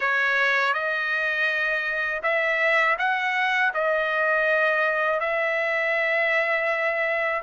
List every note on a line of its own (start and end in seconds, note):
0.00 0.73 C#5
0.73 2.21 D#5
2.22 2.96 E5
2.98 3.72 F#5
3.74 5.20 D#5
5.20 7.42 E5